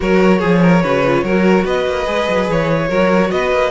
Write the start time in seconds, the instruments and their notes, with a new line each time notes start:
0.00 cello F#3, viola F#4, violin A#4 C#5
0.38 cello F3, violin G#4, viola G#4
0.62 violin A#4
0.82 cello C#3, viola F#4, violin B4
1.06 viola F4
1.23 cello F#3, viola F#4, violin A#4
1.64 cello B3, violin B4 D#5
1.86 cello A#3
2.05 cello G#3, viola G#4
2.28 cello F#3
2.49 cello E3, violin C#5
2.87 cello F#3, viola F#4, violin A#4
3.31 cello B3, violin B4 D#5
3.51 cello A#3